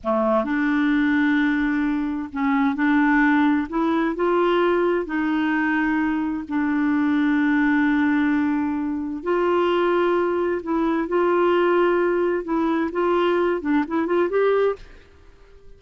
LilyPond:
\new Staff \with { instrumentName = "clarinet" } { \time 4/4 \tempo 4 = 130 a4 d'2.~ | d'4 cis'4 d'2 | e'4 f'2 dis'4~ | dis'2 d'2~ |
d'1 | f'2. e'4 | f'2. e'4 | f'4. d'8 e'8 f'8 g'4 | }